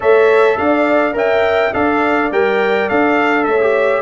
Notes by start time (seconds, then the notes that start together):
0.00 A3 A4 C#5 E5
0.57 D4 D5 F5
1.12 C#4 A#4 E5 G5
1.73 D4 A4 D5 F5
2.31 G3 A#4 G5
2.89 D4 A4 F5
3.44 A3 C#5 E5
3.60 G4